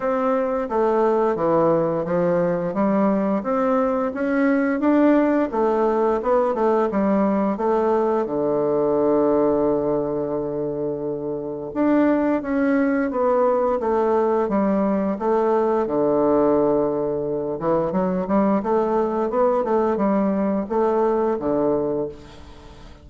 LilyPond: \new Staff \with { instrumentName = "bassoon" } { \time 4/4 \tempo 4 = 87 c'4 a4 e4 f4 | g4 c'4 cis'4 d'4 | a4 b8 a8 g4 a4 | d1~ |
d4 d'4 cis'4 b4 | a4 g4 a4 d4~ | d4. e8 fis8 g8 a4 | b8 a8 g4 a4 d4 | }